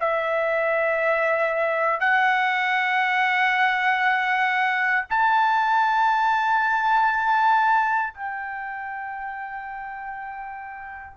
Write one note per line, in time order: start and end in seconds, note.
0.00 2.00 E5
2.00 5.05 F#5
5.10 8.14 A5
8.14 11.17 G5